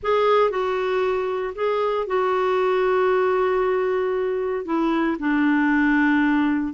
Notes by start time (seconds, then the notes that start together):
0.03 G#4
0.50 F#4
1.55 G#4
2.06 F#4
4.65 E4
5.19 D4